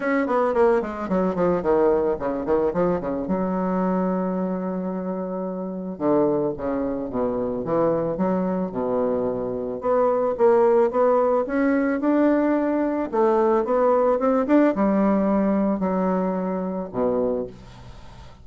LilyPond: \new Staff \with { instrumentName = "bassoon" } { \time 4/4 \tempo 4 = 110 cis'8 b8 ais8 gis8 fis8 f8 dis4 | cis8 dis8 f8 cis8 fis2~ | fis2. d4 | cis4 b,4 e4 fis4 |
b,2 b4 ais4 | b4 cis'4 d'2 | a4 b4 c'8 d'8 g4~ | g4 fis2 b,4 | }